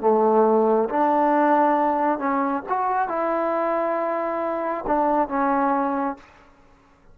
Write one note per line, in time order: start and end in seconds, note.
0.00 0.88 A3
0.89 2.18 D4
2.18 2.62 C#4
2.68 3.08 F#4
3.08 4.84 E4
4.86 5.28 D4
5.28 6.16 C#4